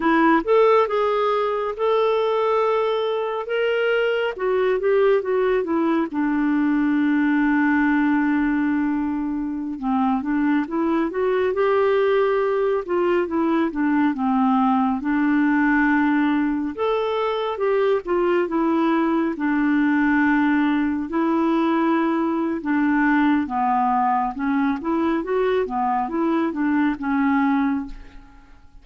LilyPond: \new Staff \with { instrumentName = "clarinet" } { \time 4/4 \tempo 4 = 69 e'8 a'8 gis'4 a'2 | ais'4 fis'8 g'8 fis'8 e'8 d'4~ | d'2.~ d'16 c'8 d'16~ | d'16 e'8 fis'8 g'4. f'8 e'8 d'16~ |
d'16 c'4 d'2 a'8.~ | a'16 g'8 f'8 e'4 d'4.~ d'16~ | d'16 e'4.~ e'16 d'4 b4 | cis'8 e'8 fis'8 b8 e'8 d'8 cis'4 | }